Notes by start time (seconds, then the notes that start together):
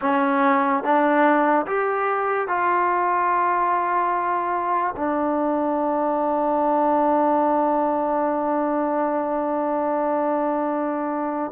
0.01 C#4
0.83 D4
1.66 G4
2.48 F4
4.96 D4